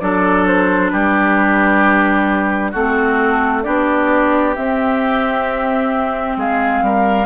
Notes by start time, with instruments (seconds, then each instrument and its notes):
0.00 bassoon F#3, clarinet D4, oboe A4, flute D5
0.47 flute C5
0.90 bassoon G3, oboe G4, flute B4
2.71 bassoon A3, clarinet C4, oboe F#4, flute A4
3.63 bassoon B3, clarinet D4, oboe G4, flute D5
4.55 clarinet C4, bassoon C4, flute E5
6.37 bassoon G#3, oboe G#4, flute F5
6.82 bassoon G3, oboe A#4